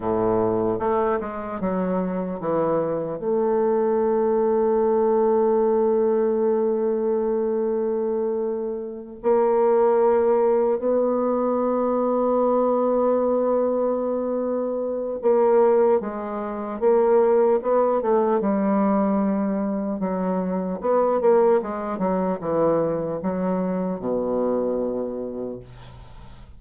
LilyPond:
\new Staff \with { instrumentName = "bassoon" } { \time 4/4 \tempo 4 = 75 a,4 a8 gis8 fis4 e4 | a1~ | a2.~ a8 ais8~ | ais4. b2~ b8~ |
b2. ais4 | gis4 ais4 b8 a8 g4~ | g4 fis4 b8 ais8 gis8 fis8 | e4 fis4 b,2 | }